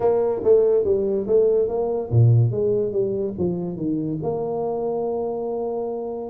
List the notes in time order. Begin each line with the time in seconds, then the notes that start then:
0.00 A#3
0.43 A3
0.84 G3
1.27 A3
1.68 A#3
2.10 A#2
2.51 G#3
2.91 G3
3.37 F3
3.76 D#3
4.22 A#3